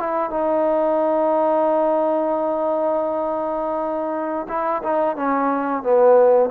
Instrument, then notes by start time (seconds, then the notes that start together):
trombone
0.00 E4
0.31 D#4
4.49 E4
4.84 D#4
5.17 C#4
5.84 B3